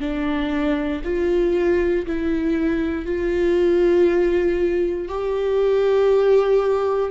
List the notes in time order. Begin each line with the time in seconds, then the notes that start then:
0.00 D4
1.04 F4
2.07 E4
3.06 F4
5.09 G4